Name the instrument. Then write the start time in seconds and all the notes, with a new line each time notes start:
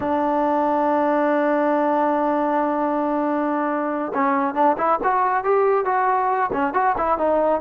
trombone
0.00 D4
4.14 C#4
4.54 D4
4.77 E4
5.03 F#4
5.43 G4
5.85 F#4
6.52 C#4
6.73 F#4
6.97 E4
7.17 D#4